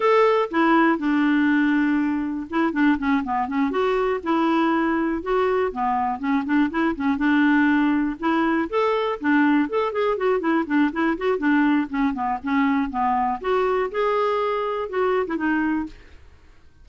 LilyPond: \new Staff \with { instrumentName = "clarinet" } { \time 4/4 \tempo 4 = 121 a'4 e'4 d'2~ | d'4 e'8 d'8 cis'8 b8 cis'8 fis'8~ | fis'8 e'2 fis'4 b8~ | b8 cis'8 d'8 e'8 cis'8 d'4.~ |
d'8 e'4 a'4 d'4 a'8 | gis'8 fis'8 e'8 d'8 e'8 fis'8 d'4 | cis'8 b8 cis'4 b4 fis'4 | gis'2 fis'8. e'16 dis'4 | }